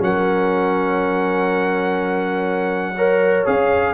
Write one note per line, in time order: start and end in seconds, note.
0.00 3.45 F#3
0.00 2.95 C#4
0.00 2.96 A#4
0.00 3.47 F#5
2.96 3.46 A#4
2.96 3.94 C#5
3.46 3.94 C#4
3.46 3.94 G#4
3.46 3.94 F5